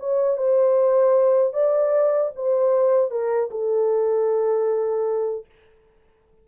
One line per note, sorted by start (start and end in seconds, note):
0.00 0.38 C#5
0.38 1.54 C5
1.54 2.32 D5
2.36 3.11 C5
3.11 3.50 A#4
3.51 5.46 A4